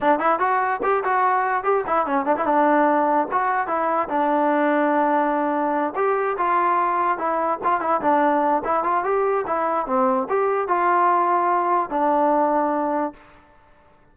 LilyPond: \new Staff \with { instrumentName = "trombone" } { \time 4/4 \tempo 4 = 146 d'8 e'8 fis'4 g'8 fis'4. | g'8 e'8 cis'8 d'16 e'16 d'2 | fis'4 e'4 d'2~ | d'2~ d'8 g'4 f'8~ |
f'4. e'4 f'8 e'8 d'8~ | d'4 e'8 f'8 g'4 e'4 | c'4 g'4 f'2~ | f'4 d'2. | }